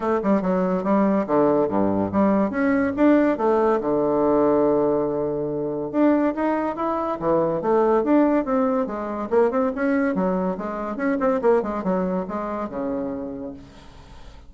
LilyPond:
\new Staff \with { instrumentName = "bassoon" } { \time 4/4 \tempo 4 = 142 a8 g8 fis4 g4 d4 | g,4 g4 cis'4 d'4 | a4 d2.~ | d2 d'4 dis'4 |
e'4 e4 a4 d'4 | c'4 gis4 ais8 c'8 cis'4 | fis4 gis4 cis'8 c'8 ais8 gis8 | fis4 gis4 cis2 | }